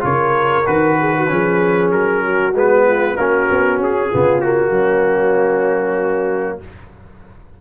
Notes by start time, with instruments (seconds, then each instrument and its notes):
0.00 tuba C#3, trombone F4, horn A#4, trumpet C#5
0.65 tuba D#3, trombone F#4, trumpet B4
0.99 horn G#4
1.15 horn F#4
1.27 tuba F3, trombone C#4, horn G#4
1.91 tuba F#3, trumpet A#4
2.24 horn F#4
2.53 tuba G#3, trombone B3, trumpet B4
2.86 horn F4
3.15 tuba A#3, trombone C#4, horn F#4, trumpet A#4
3.50 tuba B3
3.78 tuba C#4, trumpet G#4
4.09 tuba C#3, trombone B3, horn F4
4.40 trombone A#3, trumpet F#4
4.70 tuba F#3, horn C#4